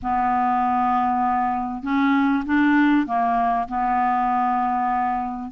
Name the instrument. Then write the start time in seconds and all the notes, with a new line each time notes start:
clarinet
0.02 B3
1.83 C#4
2.45 D4
3.06 A#3
3.68 B3